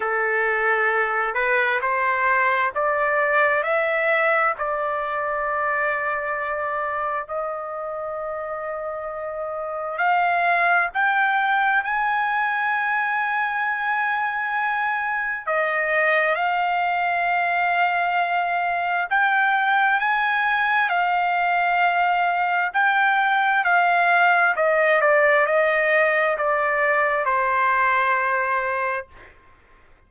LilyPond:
\new Staff \with { instrumentName = "trumpet" } { \time 4/4 \tempo 4 = 66 a'4. b'8 c''4 d''4 | e''4 d''2. | dis''2. f''4 | g''4 gis''2.~ |
gis''4 dis''4 f''2~ | f''4 g''4 gis''4 f''4~ | f''4 g''4 f''4 dis''8 d''8 | dis''4 d''4 c''2 | }